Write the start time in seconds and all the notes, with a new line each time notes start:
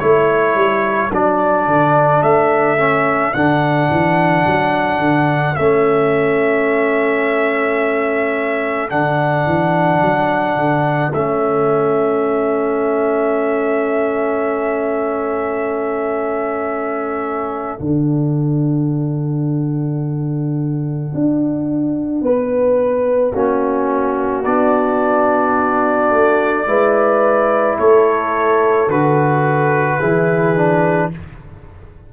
0.00 A3 E4 A4 C#5
0.56 G3
1.13 F#3 D4 D5
1.67 D3
2.23 A3 E5
2.78 C#4
3.34 D3 D4 F#5
3.91 E3
4.47 F#3
4.98 D3
5.56 A3 C#4 E5
8.90 D3 D4 F#5
9.46 E3
10.02 F#3
10.56 D3
11.13 A3 C#4 E5
17.79 D3 D4 F#5
21.15 D4
22.22 B3 B4
23.33 A#3 C#4 F#4
24.44 B3 D4 D5
26.11 A3
26.67 G#3 E4 B4
27.79 A3 A4 C#5
28.88 D3 F#4 B4
30.00 E3 E4 G#4
30.57 D4